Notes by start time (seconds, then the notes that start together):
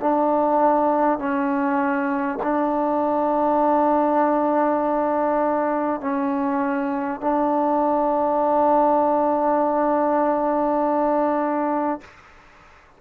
0.00 D4
1.18 C#4
2.43 D4
6.01 C#4
7.21 D4